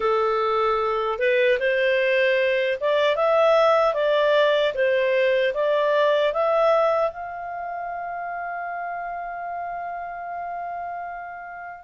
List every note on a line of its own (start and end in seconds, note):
0.00 1.18 A4
1.18 1.58 B4
1.59 2.78 C5
2.80 3.15 D5
3.15 3.94 E5
3.94 4.73 D5
4.74 5.53 C5
5.54 6.33 D5
6.33 7.11 E5
7.11 11.84 F5